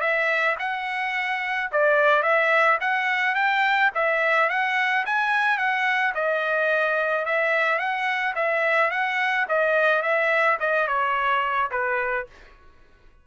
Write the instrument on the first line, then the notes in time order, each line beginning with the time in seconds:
trumpet
0.00 E5
0.59 F#5
1.71 D5
2.22 E5
2.80 F#5
3.34 G5
3.94 E5
4.49 F#5
5.05 G#5
5.57 F#5
6.14 D#5
7.25 E5
7.78 F#5
8.35 E5
8.90 F#5
9.48 D#5
10.02 E5
10.59 D#5
10.87 C#5
11.71 B4